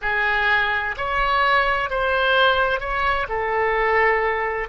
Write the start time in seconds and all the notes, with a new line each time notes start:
0.01 G#4
0.97 C#5
1.90 C5
2.80 C#5
3.28 A4